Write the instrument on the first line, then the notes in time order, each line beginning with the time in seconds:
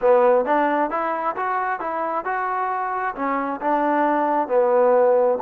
trombone
0.01 B3
0.45 D4
0.90 E4
1.36 F#4
1.80 E4
2.24 F#4
3.15 C#4
3.61 D4
4.48 B3